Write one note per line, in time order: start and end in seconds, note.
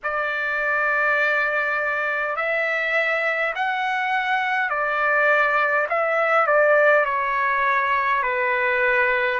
0.03 2.36 D5
2.36 3.53 E5
3.55 4.69 F#5
4.69 5.87 D5
5.89 6.47 E5
6.47 7.05 D5
7.05 8.22 C#5
8.22 9.39 B4